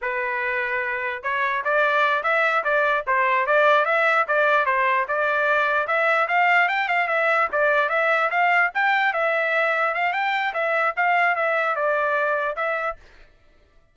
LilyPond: \new Staff \with { instrumentName = "trumpet" } { \time 4/4 \tempo 4 = 148 b'2. cis''4 | d''4. e''4 d''4 c''8~ | c''8 d''4 e''4 d''4 c''8~ | c''8 d''2 e''4 f''8~ |
f''8 g''8 f''8 e''4 d''4 e''8~ | e''8 f''4 g''4 e''4.~ | e''8 f''8 g''4 e''4 f''4 | e''4 d''2 e''4 | }